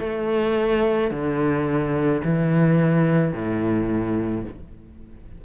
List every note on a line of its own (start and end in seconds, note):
0.00 1.11 A3
1.11 2.22 D3
2.25 3.34 E3
3.34 4.45 A2